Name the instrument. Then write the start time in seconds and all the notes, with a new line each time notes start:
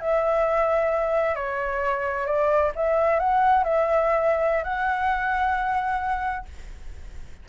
flute
0.00 E5
1.35 C#5
2.26 D5
2.75 E5
3.19 F#5
3.63 E5
4.64 F#5